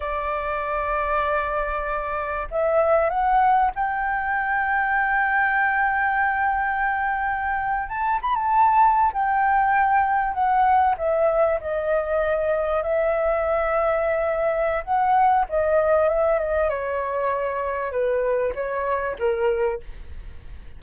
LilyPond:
\new Staff \with { instrumentName = "flute" } { \time 4/4 \tempo 4 = 97 d''1 | e''4 fis''4 g''2~ | g''1~ | g''8. a''8 b''16 a''4~ a''16 g''4~ g''16~ |
g''8. fis''4 e''4 dis''4~ dis''16~ | dis''8. e''2.~ e''16 | fis''4 dis''4 e''8 dis''8 cis''4~ | cis''4 b'4 cis''4 ais'4 | }